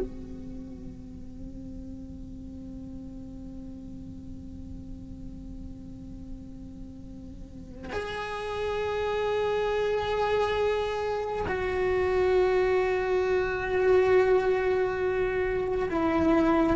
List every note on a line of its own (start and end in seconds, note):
0.00 7.93 C4
7.93 11.46 G#4
11.48 15.89 F#4
15.90 16.76 E4